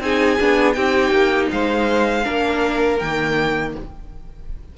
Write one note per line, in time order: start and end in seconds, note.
0.00 0.37 C4
0.00 0.39 D#4
0.00 0.76 G#4
0.00 0.73 G#5
0.39 0.76 B3
0.39 0.74 D4
0.73 1.11 C4
0.73 2.22 D#4
0.73 1.50 G4
0.73 1.47 G5
1.11 1.48 A#3
1.51 2.26 G#3
1.51 2.24 C5
1.51 2.99 F5
2.23 3.01 A#3
2.23 2.97 D4
2.23 3.73 A#4
2.99 3.75 D#3
2.99 3.77 A#3
2.99 3.73 G5